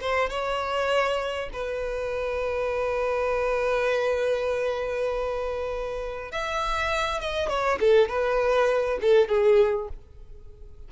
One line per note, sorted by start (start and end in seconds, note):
0.00 0.29 C5
0.29 1.49 C#5
1.52 6.31 B4
6.31 7.20 E5
7.20 7.48 D#5
7.48 7.78 C#5
7.80 8.08 A4
8.08 8.98 B4
9.01 9.28 A4
9.28 9.88 G#4